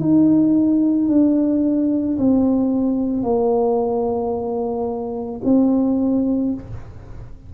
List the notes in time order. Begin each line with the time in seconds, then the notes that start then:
0.00 D#4
1.09 D4
2.18 C4
3.23 A#3
5.44 C4